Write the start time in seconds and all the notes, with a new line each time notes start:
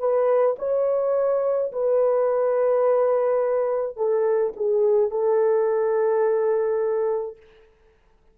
0.00 B4
0.59 C#5
1.72 B4
3.97 A4
4.56 G#4
5.11 A4